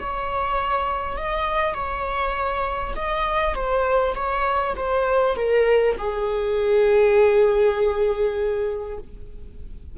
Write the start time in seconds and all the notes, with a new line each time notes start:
0.00 C#5
1.17 D#5
1.74 C#5
2.96 D#5
3.55 C5
4.15 C#5
4.77 C5
5.36 A#4
5.98 G#4